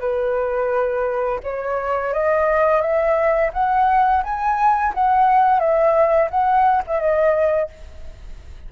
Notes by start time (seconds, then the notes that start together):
0.00 B4
1.43 C#5
2.13 D#5
2.81 E5
3.53 F#5
4.24 G#5
4.94 F#5
5.60 E5
6.30 F#5
6.87 E5
7.00 D#5